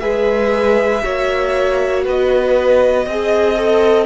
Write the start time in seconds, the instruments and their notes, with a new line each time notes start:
0.00 cello G#3, viola G#4, violin B4 E5
1.03 cello A#3, viola F#4, violin C#5
2.05 cello B3, violin B4 D#5
3.06 cello C4, viola G#4, violin D#5
3.56 viola A4